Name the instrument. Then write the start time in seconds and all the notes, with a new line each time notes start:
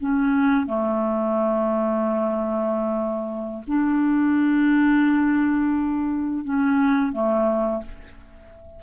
clarinet
0.00 C#4
0.67 A3
3.67 D4
6.44 C#4
7.13 A3